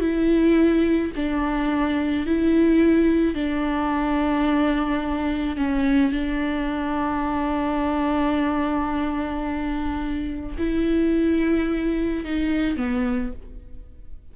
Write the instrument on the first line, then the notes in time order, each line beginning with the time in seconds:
viola
0.00 E4
1.15 D4
2.26 E4
3.34 D4
5.56 C#4
6.11 D4
10.57 E4
12.24 D#4
12.76 B3